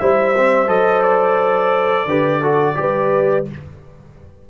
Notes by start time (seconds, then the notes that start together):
0.00 G3 E4 C5 E5
0.38 C4
0.68 F#3 A4 D#5
1.02 D5
2.06 D3 G4 B4
2.42 F#4 A4
2.75 G3 G4 B4